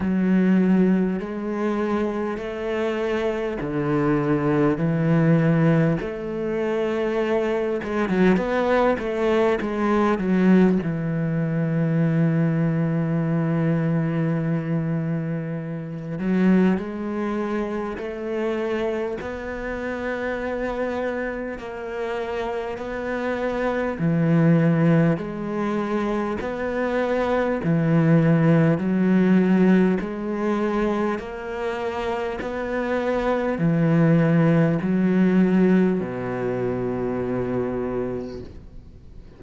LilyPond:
\new Staff \with { instrumentName = "cello" } { \time 4/4 \tempo 4 = 50 fis4 gis4 a4 d4 | e4 a4. gis16 fis16 b8 a8 | gis8 fis8 e2.~ | e4. fis8 gis4 a4 |
b2 ais4 b4 | e4 gis4 b4 e4 | fis4 gis4 ais4 b4 | e4 fis4 b,2 | }